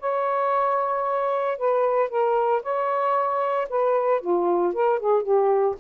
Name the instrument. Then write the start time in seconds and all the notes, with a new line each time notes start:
saxophone
0.00 C#5
1.58 B4
2.10 A#4
2.63 C#5
3.70 B4
4.22 F4
4.74 A#4
5.00 G#4
5.23 G4